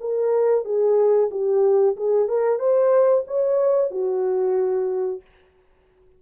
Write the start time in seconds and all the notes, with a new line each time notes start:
0.00 A#4
0.65 G#4
1.31 G4
1.96 G#4
2.28 A#4
2.59 C5
3.27 C#5
3.90 F#4